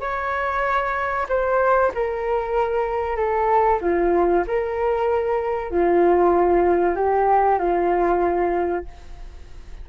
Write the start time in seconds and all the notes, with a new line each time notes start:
0.00 C#5
1.28 C5
1.94 A#4
3.16 A4
3.81 F4
4.47 A#4
5.70 F4
6.95 G4
7.58 F4